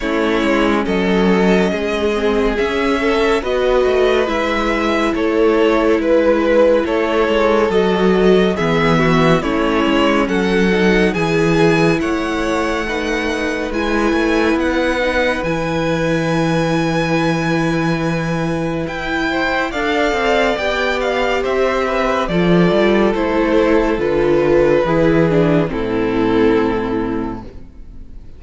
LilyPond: <<
  \new Staff \with { instrumentName = "violin" } { \time 4/4 \tempo 4 = 70 cis''4 dis''2 e''4 | dis''4 e''4 cis''4 b'4 | cis''4 dis''4 e''4 cis''4 | fis''4 gis''4 fis''2 |
gis''4 fis''4 gis''2~ | gis''2 g''4 f''4 | g''8 f''8 e''4 d''4 c''4 | b'2 a'2 | }
  \new Staff \with { instrumentName = "violin" } { \time 4/4 e'4 a'4 gis'4. a'8 | b'2 a'4 b'4 | a'2 gis'8 fis'8 e'4 | a'4 gis'4 cis''4 b'4~ |
b'1~ | b'2~ b'8 c''8 d''4~ | d''4 c''8 b'8 a'2~ | a'4 gis'4 e'2 | }
  \new Staff \with { instrumentName = "viola" } { \time 4/4 cis'2~ cis'8 c'8 cis'4 | fis'4 e'2.~ | e'4 fis'4 b4 cis'4~ | cis'8 dis'8 e'2 dis'4 |
e'4. dis'8 e'2~ | e'2. a'4 | g'2 f'4 e'4 | f'4 e'8 d'8 c'2 | }
  \new Staff \with { instrumentName = "cello" } { \time 4/4 a8 gis8 fis4 gis4 cis'4 | b8 a8 gis4 a4 gis4 | a8 gis8 fis4 e4 a8 gis8 | fis4 e4 a2 |
gis8 a8 b4 e2~ | e2 e'4 d'8 c'8 | b4 c'4 f8 g8 a4 | d4 e4 a,2 | }
>>